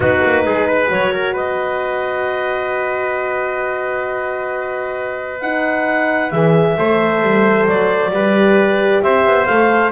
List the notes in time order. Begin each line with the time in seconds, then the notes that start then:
0.00 B3 D#4 F#4 B4
0.24 A#3
0.45 G#3 G#4
0.67 B4
0.87 F#3 F#4 C#5
1.12 A#4
1.33 B3 B4 D#5
5.41 D#4 F#5
6.30 E3 G#4 E5
6.77 A3 A4 C5
7.22 G3
7.67 F#3 D5
8.11 G3 G4 B4
9.02 C4 C5 E5
9.24 B3
9.46 A3 A4 F5